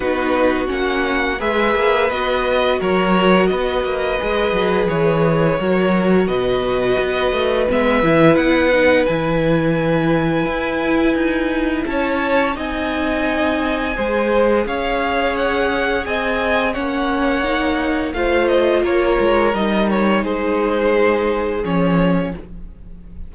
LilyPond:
<<
  \new Staff \with { instrumentName = "violin" } { \time 4/4 \tempo 4 = 86 b'4 fis''4 e''4 dis''4 | cis''4 dis''2 cis''4~ | cis''4 dis''2 e''4 | fis''4 gis''2.~ |
gis''4 a''4 gis''2~ | gis''4 f''4 fis''4 gis''4 | fis''2 f''8 dis''8 cis''4 | dis''8 cis''8 c''2 cis''4 | }
  \new Staff \with { instrumentName = "violin" } { \time 4/4 fis'2 b'2 | ais'4 b'2. | ais'4 b'2.~ | b'1~ |
b'4 cis''4 dis''2 | c''4 cis''2 dis''4 | cis''2 c''4 ais'4~ | ais'4 gis'2. | }
  \new Staff \with { instrumentName = "viola" } { \time 4/4 dis'4 cis'4 gis'4 fis'4~ | fis'2 gis'2 | fis'2. b8 e'8~ | e'8 dis'8 e'2.~ |
e'2 dis'2 | gis'1 | cis'4 dis'4 f'2 | dis'2. cis'4 | }
  \new Staff \with { instrumentName = "cello" } { \time 4/4 b4 ais4 gis8 ais8 b4 | fis4 b8 ais8 gis8 fis8 e4 | fis4 b,4 b8 a8 gis8 e8 | b4 e2 e'4 |
dis'4 cis'4 c'2 | gis4 cis'2 c'4 | ais2 a4 ais8 gis8 | g4 gis2 f4 | }
>>